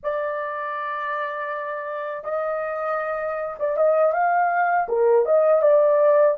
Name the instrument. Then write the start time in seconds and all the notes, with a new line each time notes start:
horn
0.03 D5
2.24 D#5
3.59 D5
3.76 D#5
4.12 F5
4.88 A#4
5.25 D#5
5.62 D5